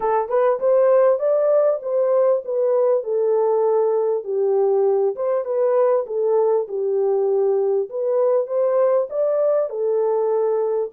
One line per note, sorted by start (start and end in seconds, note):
0.00 0.28 A4
0.28 0.59 B4
0.59 1.19 C5
1.19 1.79 D5
1.82 2.42 C5
2.44 3.03 B4
3.03 4.24 A4
4.24 5.15 G4
5.15 5.45 C5
5.45 6.05 B4
6.06 6.67 A4
6.67 7.89 G4
7.89 8.47 B4
8.47 9.07 C5
9.09 9.69 D5
9.69 10.91 A4